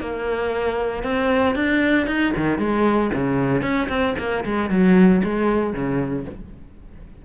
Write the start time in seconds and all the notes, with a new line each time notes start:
0.00 A#3
1.03 C4
1.55 D4
2.07 D#4
2.37 D#3
2.58 G#3
3.13 C#3
3.62 C#4
3.88 C4
4.18 A#3
4.44 G#3
4.70 F#3
5.23 G#3
5.73 C#3